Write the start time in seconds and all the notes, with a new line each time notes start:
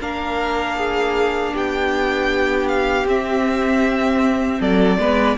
0.00 A#3 D4 A#4 F5
0.77 G#4
1.53 B3 G4 G5
2.68 F5
3.05 C4 E5
4.59 F#3 A4 D5
4.98 G#3 B3 B4